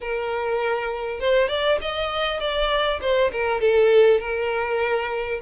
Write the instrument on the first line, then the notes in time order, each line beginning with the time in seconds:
violin
0.00 A#4
1.19 C5
1.48 D5
1.81 D#5
2.40 D5
3.01 C5
3.32 A#4
3.60 A4
4.20 A#4